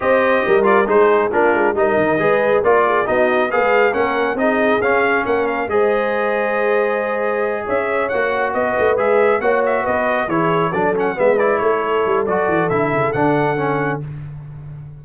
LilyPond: <<
  \new Staff \with { instrumentName = "trumpet" } { \time 4/4 \tempo 4 = 137 dis''4. d''8 c''4 ais'4 | dis''2 d''4 dis''4 | f''4 fis''4 dis''4 f''4 | fis''8 f''8 dis''2.~ |
dis''4. e''4 fis''4 dis''8~ | dis''8 e''4 fis''8 e''8 dis''4 cis''8~ | cis''8 d''8 fis''8 e''8 d''8 cis''4. | d''4 e''4 fis''2 | }
  \new Staff \with { instrumentName = "horn" } { \time 4/4 c''4 ais'4 gis'4 f'4 | ais'4 b'4 ais'8 gis'8 fis'4 | b'4 ais'4 gis'2 | ais'4 c''2.~ |
c''4. cis''2 b'8~ | b'4. cis''4 b'4 gis'8~ | gis'8 a'4 b'4 a'4.~ | a'1 | }
  \new Staff \with { instrumentName = "trombone" } { \time 4/4 g'4. f'8 dis'4 d'4 | dis'4 gis'4 f'4 dis'4 | gis'4 cis'4 dis'4 cis'4~ | cis'4 gis'2.~ |
gis'2~ gis'8 fis'4.~ | fis'8 gis'4 fis'2 e'8~ | e'8 d'8 cis'8 b8 e'2 | fis'4 e'4 d'4 cis'4 | }
  \new Staff \with { instrumentName = "tuba" } { \time 4/4 c'4 g4 gis4 ais8 gis8 | g8 dis8 gis4 ais4 b4 | ais16 gis8. ais4 c'4 cis'4 | ais4 gis2.~ |
gis4. cis'4 ais4 b8 | a8 gis4 ais4 b4 e8~ | e8 fis4 gis4 a4 g8 | fis8 e8 d8 cis8 d2 | }
>>